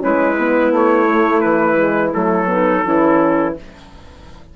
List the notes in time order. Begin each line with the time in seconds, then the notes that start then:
0.00 G#3 C#4 E4 B4
0.39 B3
0.72 A3 C#5
1.09 A3
1.41 E3 B4
1.77 G#3
2.14 F#3 A3 A4
2.47 B3 D#4
2.86 E3 C#4 E4